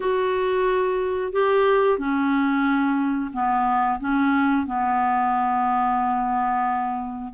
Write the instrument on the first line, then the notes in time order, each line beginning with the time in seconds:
clarinet
0.00 F#4
1.32 G4
1.98 C#4
3.33 B3
3.99 C#4
4.66 B3